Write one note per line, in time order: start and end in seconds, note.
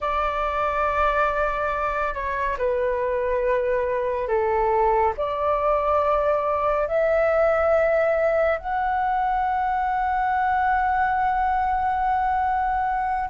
0.00 2.14 D5
2.14 2.57 C#5
2.58 4.28 B4
4.28 5.14 A4
5.17 6.87 D5
6.87 8.58 E5
8.58 13.29 F#5